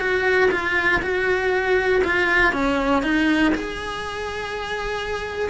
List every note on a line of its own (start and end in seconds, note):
0.00 0.50 F#4
0.51 1.01 F4
1.02 2.02 F#4
2.04 2.52 F4
2.52 3.02 C#4
3.02 3.52 D#4
3.55 5.50 G#4